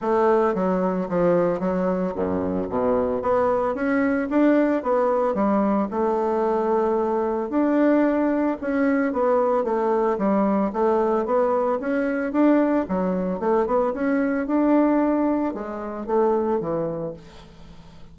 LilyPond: \new Staff \with { instrumentName = "bassoon" } { \time 4/4 \tempo 4 = 112 a4 fis4 f4 fis4 | fis,4 b,4 b4 cis'4 | d'4 b4 g4 a4~ | a2 d'2 |
cis'4 b4 a4 g4 | a4 b4 cis'4 d'4 | fis4 a8 b8 cis'4 d'4~ | d'4 gis4 a4 e4 | }